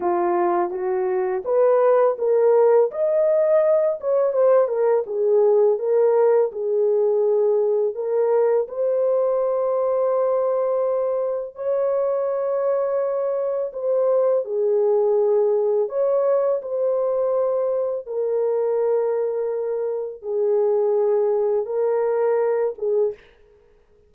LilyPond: \new Staff \with { instrumentName = "horn" } { \time 4/4 \tempo 4 = 83 f'4 fis'4 b'4 ais'4 | dis''4. cis''8 c''8 ais'8 gis'4 | ais'4 gis'2 ais'4 | c''1 |
cis''2. c''4 | gis'2 cis''4 c''4~ | c''4 ais'2. | gis'2 ais'4. gis'8 | }